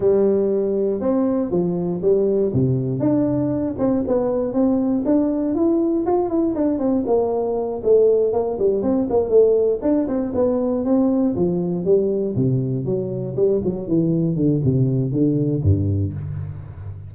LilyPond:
\new Staff \with { instrumentName = "tuba" } { \time 4/4 \tempo 4 = 119 g2 c'4 f4 | g4 c4 d'4. c'8 | b4 c'4 d'4 e'4 | f'8 e'8 d'8 c'8 ais4. a8~ |
a8 ais8 g8 c'8 ais8 a4 d'8 | c'8 b4 c'4 f4 g8~ | g8 c4 fis4 g8 fis8 e8~ | e8 d8 c4 d4 g,4 | }